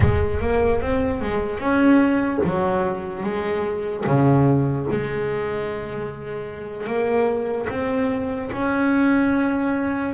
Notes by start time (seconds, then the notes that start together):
0.00 G#3
0.41 A#3
0.81 C4
1.21 G#3
1.58 C#4
2.43 F#3
3.23 G#3
4.06 C#3
4.91 G#3
6.86 A#3
7.69 C4
8.52 C#4